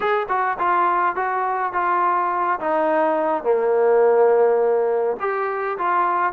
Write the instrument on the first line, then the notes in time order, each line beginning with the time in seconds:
trombone
0.00 G#4
0.28 F#4
0.58 F4
1.15 F#4
1.73 F4
2.60 D#4
3.43 A#3
5.19 G4
5.77 F4